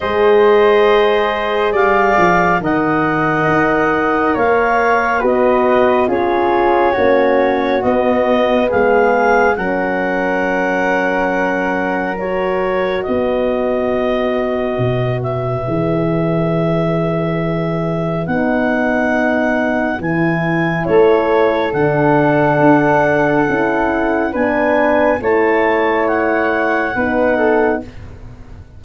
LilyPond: <<
  \new Staff \with { instrumentName = "clarinet" } { \time 4/4 \tempo 4 = 69 dis''2 f''4 fis''4~ | fis''4 f''4 dis''4 cis''4~ | cis''4 dis''4 f''4 fis''4~ | fis''2 cis''4 dis''4~ |
dis''4. e''2~ e''8~ | e''4 fis''2 gis''4 | cis''4 fis''2. | gis''4 a''4 fis''2 | }
  \new Staff \with { instrumentName = "flute" } { \time 4/4 c''2 d''4 dis''4~ | dis''4 cis''4 b'4 gis'4 | fis'2 gis'4 ais'4~ | ais'2. b'4~ |
b'1~ | b'1 | a'1 | b'4 cis''2 b'8 a'8 | }
  \new Staff \with { instrumentName = "horn" } { \time 4/4 gis'2. ais'4~ | ais'2 fis'4 f'4 | cis'4 b2 cis'4~ | cis'2 fis'2~ |
fis'2 gis'2~ | gis'4 dis'2 e'4~ | e'4 d'2 e'4 | d'4 e'2 dis'4 | }
  \new Staff \with { instrumentName = "tuba" } { \time 4/4 gis2 g8 f8 dis4 | dis'4 ais4 b4 cis'4 | ais4 b4 gis4 fis4~ | fis2. b4~ |
b4 b,4 e2~ | e4 b2 e4 | a4 d4 d'4 cis'4 | b4 a2 b4 | }
>>